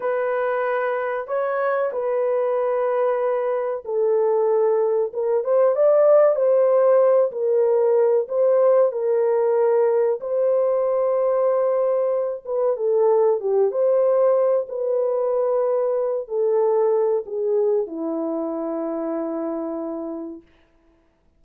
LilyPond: \new Staff \with { instrumentName = "horn" } { \time 4/4 \tempo 4 = 94 b'2 cis''4 b'4~ | b'2 a'2 | ais'8 c''8 d''4 c''4. ais'8~ | ais'4 c''4 ais'2 |
c''2.~ c''8 b'8 | a'4 g'8 c''4. b'4~ | b'4. a'4. gis'4 | e'1 | }